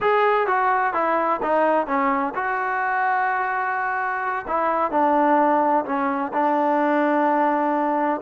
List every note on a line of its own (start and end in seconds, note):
0.00 0.47 G#4
0.47 0.93 F#4
0.93 1.40 E4
1.42 1.86 D#4
1.86 2.33 C#4
2.34 4.45 F#4
4.47 4.91 E4
4.91 5.84 D4
5.85 6.32 C#4
6.33 8.20 D4